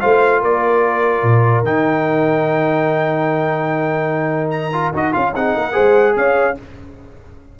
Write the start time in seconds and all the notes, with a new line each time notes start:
0.00 A3 F4 C5 F5
0.41 A#3 A#4 D5
1.22 A#2
1.62 D#3 D#4 G5
4.50 A#5
4.72 F4
4.93 D#4 F#4 D#5
5.12 C#4 F4 F5
5.35 C4 D#4 G#4 F#5
5.56 A#3 A#4
5.72 G#3 G#4 C5
6.16 C#4 C#5 F5